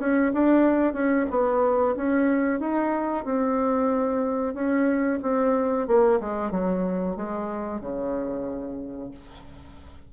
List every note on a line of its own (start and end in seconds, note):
0.00 0.33 C#4
0.34 0.94 D4
0.94 1.26 C#4
1.30 1.96 B3
1.97 2.60 C#4
2.60 3.25 D#4
3.25 4.54 C4
4.54 5.20 C#4
5.23 5.88 C4
5.88 6.20 A#3
6.20 6.51 G#3
6.51 7.17 F#3
7.17 7.81 G#3
7.81 9.11 C#3